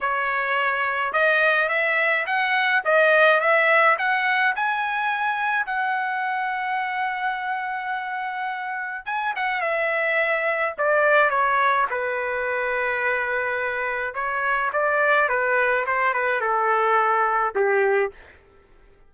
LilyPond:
\new Staff \with { instrumentName = "trumpet" } { \time 4/4 \tempo 4 = 106 cis''2 dis''4 e''4 | fis''4 dis''4 e''4 fis''4 | gis''2 fis''2~ | fis''1 |
gis''8 fis''8 e''2 d''4 | cis''4 b'2.~ | b'4 cis''4 d''4 b'4 | c''8 b'8 a'2 g'4 | }